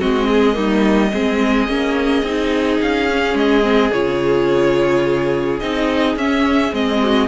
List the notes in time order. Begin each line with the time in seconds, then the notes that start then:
0.00 G#3 C4 F#4 D#5
0.27 G#4
0.53 G3 A#3 D#4
1.13 G#3 C4 G#4
1.68 A#3 C#4
2.23 C4 D#4
2.82 C#4 F5
3.11 C#4
3.34 G#3 D#5
3.62 C4
3.92 C#3 F4 C#5
5.60 C4 D#4 D#5
6.16 C#4 E5
6.73 G#3 C4 D#5
7.02 F#4